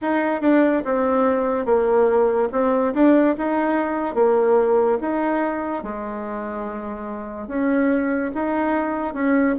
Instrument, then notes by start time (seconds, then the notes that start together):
bassoon
0.01 D#4
0.41 D4
0.84 C4
1.65 A#3
2.52 C4
2.94 D4
3.37 D#4
4.14 A#3
5.00 D#4
5.83 G#3
7.47 C#4
8.34 D#4
9.14 C#4